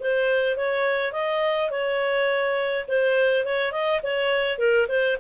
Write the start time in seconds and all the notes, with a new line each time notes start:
0.00 C5
0.57 C#5
1.13 D#5
1.70 C#5
2.88 C5
3.45 C#5
3.72 D#5
4.03 C#5
4.59 A#4
4.89 C5